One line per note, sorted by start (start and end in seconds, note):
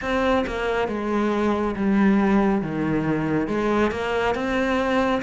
0.01 0.45 C4
0.47 0.88 A#3
0.88 1.75 G#3
1.76 2.62 G3
2.62 3.47 D#3
3.47 3.91 G#3
3.91 4.34 A#3
4.34 5.21 C4